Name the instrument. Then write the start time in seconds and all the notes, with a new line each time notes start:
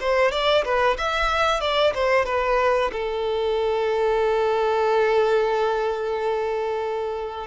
violin
0.00 C5
0.31 D5
0.64 B4
0.97 E5
1.60 D5
1.94 C5
2.25 B4
2.92 A4